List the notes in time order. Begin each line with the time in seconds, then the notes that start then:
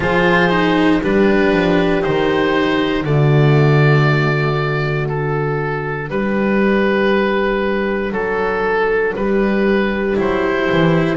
0.00 F3 F4 G#4 C5
0.49 D#4
1.01 G3 D4 G4 B4
1.52 F3
2.01 D#3 D#4 C5
3.04 D3 A3 F#4 D5
5.08 D4 A4
6.09 G3 G4 B4
8.12 F#3 A4
9.15 G3 G4 B4
10.16 F#3 E4 C5
10.71 E3